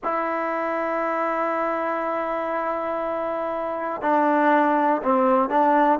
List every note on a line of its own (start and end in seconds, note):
0.03 4.01 E4
4.01 5.01 D4
5.02 5.49 C4
5.49 5.99 D4